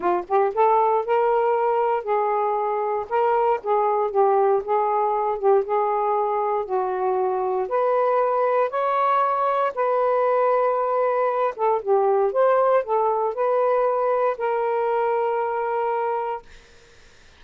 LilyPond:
\new Staff \with { instrumentName = "saxophone" } { \time 4/4 \tempo 4 = 117 f'8 g'8 a'4 ais'2 | gis'2 ais'4 gis'4 | g'4 gis'4. g'8 gis'4~ | gis'4 fis'2 b'4~ |
b'4 cis''2 b'4~ | b'2~ b'8 a'8 g'4 | c''4 a'4 b'2 | ais'1 | }